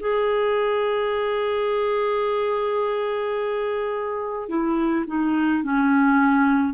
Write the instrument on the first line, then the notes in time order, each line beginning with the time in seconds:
clarinet
0.00 G#4
4.49 E4
5.07 D#4
5.63 C#4